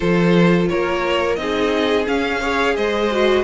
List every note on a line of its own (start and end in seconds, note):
0.00 0.70 F3
0.00 1.37 F4
0.00 0.68 A4
0.00 0.66 C5
0.68 1.37 A#3
0.68 1.38 A#4
0.68 1.35 C#5
1.35 2.06 C4
1.35 2.06 D#4
1.35 2.40 G#4
1.35 2.04 D#5
2.06 2.41 C#4
2.06 2.76 C#4
2.06 2.75 F5
2.40 3.10 G#4
2.40 2.74 C#5
2.75 3.43 G#3
2.75 3.43 C5
2.75 3.43 D#5
3.11 3.43 F#4